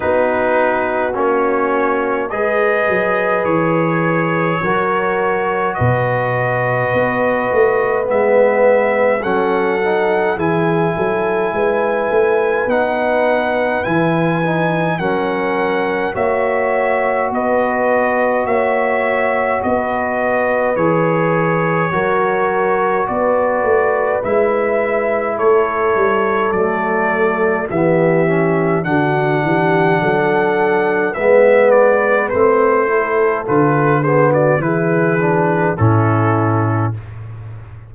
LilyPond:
<<
  \new Staff \with { instrumentName = "trumpet" } { \time 4/4 \tempo 4 = 52 b'4 cis''4 dis''4 cis''4~ | cis''4 dis''2 e''4 | fis''4 gis''2 fis''4 | gis''4 fis''4 e''4 dis''4 |
e''4 dis''4 cis''2 | d''4 e''4 cis''4 d''4 | e''4 fis''2 e''8 d''8 | c''4 b'8 c''16 d''16 b'4 a'4 | }
  \new Staff \with { instrumentName = "horn" } { \time 4/4 fis'2 b'2 | ais'4 b'2. | a'4 gis'8 a'8 b'2~ | b'4 ais'4 cis''4 b'4 |
cis''4 b'2 ais'4 | b'2 a'2 | g'4 fis'8 g'8 a'4 b'4~ | b'8 a'4 gis'16 fis'16 gis'4 e'4 | }
  \new Staff \with { instrumentName = "trombone" } { \time 4/4 dis'4 cis'4 gis'2 | fis'2. b4 | cis'8 dis'8 e'2 dis'4 | e'8 dis'8 cis'4 fis'2~ |
fis'2 gis'4 fis'4~ | fis'4 e'2 a4 | b8 cis'8 d'2 b4 | c'8 e'8 f'8 b8 e'8 d'8 cis'4 | }
  \new Staff \with { instrumentName = "tuba" } { \time 4/4 b4 ais4 gis8 fis8 e4 | fis4 b,4 b8 a8 gis4 | fis4 e8 fis8 gis8 a8 b4 | e4 fis4 ais4 b4 |
ais4 b4 e4 fis4 | b8 a8 gis4 a8 g8 fis4 | e4 d8 e8 fis4 gis4 | a4 d4 e4 a,4 | }
>>